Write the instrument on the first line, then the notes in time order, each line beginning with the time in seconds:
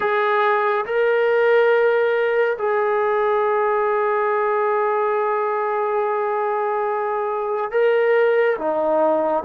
trombone
0.00 G#4
0.85 A#4
2.58 G#4
7.71 A#4
8.58 D#4